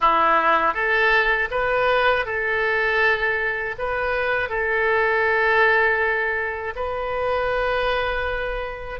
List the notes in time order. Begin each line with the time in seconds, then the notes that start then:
0.00 E4
0.73 A4
1.50 B4
2.25 A4
3.78 B4
4.49 A4
6.75 B4